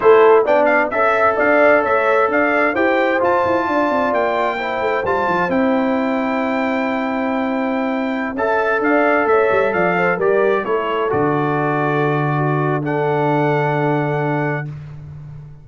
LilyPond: <<
  \new Staff \with { instrumentName = "trumpet" } { \time 4/4 \tempo 4 = 131 c''4 g''8 f''8 e''4 f''4 | e''4 f''4 g''4 a''4~ | a''4 g''2 a''4 | g''1~ |
g''2~ g''16 a''4 f''8.~ | f''16 e''4 f''4 d''4 cis''8.~ | cis''16 d''2.~ d''8. | fis''1 | }
  \new Staff \with { instrumentName = "horn" } { \time 4/4 a'4 d''4 e''4 d''4 | cis''4 d''4 c''2 | d''2 c''2~ | c''1~ |
c''2~ c''16 e''4 d''8.~ | d''16 cis''4 d''8 c''8 ais'4 a'8.~ | a'2. fis'4 | a'1 | }
  \new Staff \with { instrumentName = "trombone" } { \time 4/4 e'4 d'4 a'2~ | a'2 g'4 f'4~ | f'2 e'4 f'4 | e'1~ |
e'2~ e'16 a'4.~ a'16~ | a'2~ a'16 g'4 e'8.~ | e'16 fis'2.~ fis'8. | d'1 | }
  \new Staff \with { instrumentName = "tuba" } { \time 4/4 a4 b4 cis'4 d'4 | a4 d'4 e'4 f'8 e'8 | d'8 c'8 ais4. a8 g8 f8 | c'1~ |
c'2~ c'16 cis'4 d'8.~ | d'16 a8 g8 f4 g4 a8.~ | a16 d2.~ d8.~ | d1 | }
>>